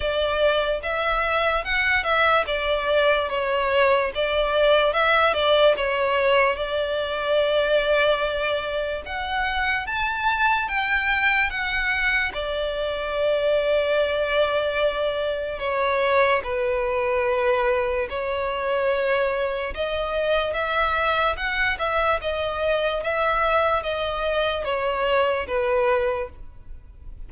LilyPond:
\new Staff \with { instrumentName = "violin" } { \time 4/4 \tempo 4 = 73 d''4 e''4 fis''8 e''8 d''4 | cis''4 d''4 e''8 d''8 cis''4 | d''2. fis''4 | a''4 g''4 fis''4 d''4~ |
d''2. cis''4 | b'2 cis''2 | dis''4 e''4 fis''8 e''8 dis''4 | e''4 dis''4 cis''4 b'4 | }